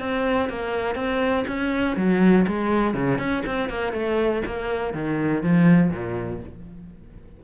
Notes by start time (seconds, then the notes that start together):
0.00 C4
0.50 A#3
0.96 C4
1.48 C#4
1.97 F#3
2.47 G#3
2.94 C#3
3.19 C#4
3.46 C4
3.69 A#3
3.93 A3
4.46 A#3
4.94 D#3
5.43 F3
5.91 A#2